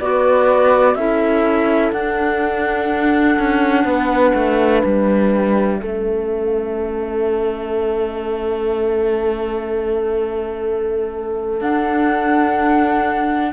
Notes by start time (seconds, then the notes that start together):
0.00 B3 F#4 B4 D5
0.95 C#4 E4 A4 E5
1.92 D4 F#5
3.39 C#4
3.85 B3 B4
4.34 A3
4.81 G3 E5
5.79 A3 C#4 A4
11.61 D4 F#5